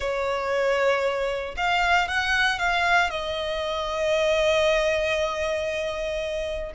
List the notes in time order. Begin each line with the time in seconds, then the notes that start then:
0.00 C#5
1.57 F5
2.07 F#5
2.58 F5
3.10 D#5